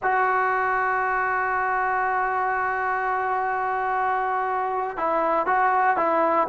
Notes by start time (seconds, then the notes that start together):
0.02 F#4
4.97 E4
5.46 F#4
5.97 E4